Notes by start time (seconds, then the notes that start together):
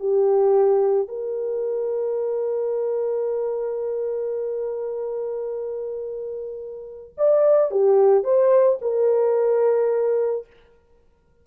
0.00 G4
1.09 A#4
7.18 D5
7.72 G4
8.24 C5
8.82 A#4